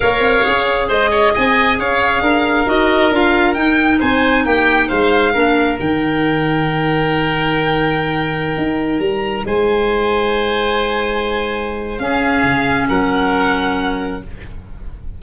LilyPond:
<<
  \new Staff \with { instrumentName = "violin" } { \time 4/4 \tempo 4 = 135 f''2 dis''4 gis''4 | f''2 dis''4 f''4 | g''4 gis''4 g''4 f''4~ | f''4 g''2.~ |
g''1~ | g''16 ais''4 gis''2~ gis''8.~ | gis''2. f''4~ | f''4 fis''2. | }
  \new Staff \with { instrumentName = "oboe" } { \time 4/4 cis''2 c''8 cis''8 dis''4 | cis''4 ais'2.~ | ais'4 c''4 g'4 c''4 | ais'1~ |
ais'1~ | ais'4~ ais'16 c''2~ c''8.~ | c''2. gis'4~ | gis'4 ais'2. | }
  \new Staff \with { instrumentName = "clarinet" } { \time 4/4 ais'4 gis'2.~ | gis'2 fis'4 f'4 | dis'1 | d'4 dis'2.~ |
dis'1~ | dis'1~ | dis'2. cis'4~ | cis'1 | }
  \new Staff \with { instrumentName = "tuba" } { \time 4/4 ais8 c'8 cis'4 gis4 c'4 | cis'4 d'4 dis'4 d'4 | dis'4 c'4 ais4 gis4 | ais4 dis2.~ |
dis2.~ dis16 dis'8.~ | dis'16 g4 gis2~ gis8.~ | gis2. cis'4 | cis4 fis2. | }
>>